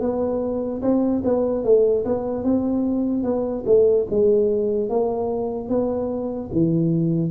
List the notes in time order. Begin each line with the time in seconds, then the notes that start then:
0.00 B3
0.82 C4
1.24 B3
1.64 A3
2.05 B3
2.44 C4
3.24 B3
3.66 A3
4.10 G#3
4.89 A#3
5.69 B3
6.52 E3